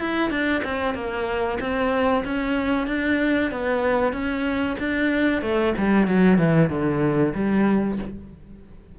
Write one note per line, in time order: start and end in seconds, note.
0.00 0.30 E4
0.30 0.62 D4
0.64 0.94 C4
0.94 1.58 A#3
1.60 2.24 C4
2.24 2.87 C#4
2.87 3.50 D4
3.51 4.12 B3
4.12 4.76 C#4
4.78 5.42 D4
5.42 5.74 A3
5.77 6.07 G3
6.07 6.38 F#3
6.38 6.69 E3
6.69 7.33 D3
7.34 7.98 G3